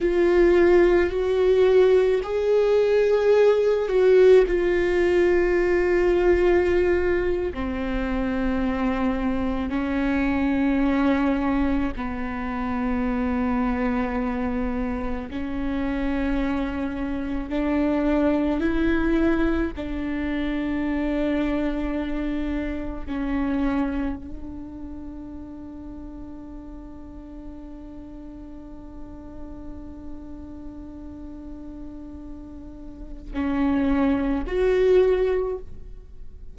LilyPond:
\new Staff \with { instrumentName = "viola" } { \time 4/4 \tempo 4 = 54 f'4 fis'4 gis'4. fis'8 | f'2~ f'8. c'4~ c'16~ | c'8. cis'2 b4~ b16~ | b4.~ b16 cis'2 d'16~ |
d'8. e'4 d'2~ d'16~ | d'8. cis'4 d'2~ d'16~ | d'1~ | d'2 cis'4 fis'4 | }